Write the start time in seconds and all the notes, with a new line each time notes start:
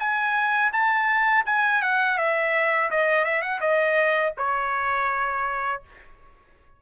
0.00 G#5
0.73 A5
1.46 G#5
1.82 F#5
2.18 E5
2.91 D#5
3.25 E5
3.42 F#5
3.61 D#5
4.38 C#5